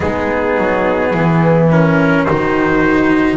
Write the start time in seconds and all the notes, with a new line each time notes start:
0.00 G#3 B3 D#4 G#4
0.58 F#3
1.11 E3 E4
1.71 C#4 A#4
2.24 D#3 D#4 F#4 C5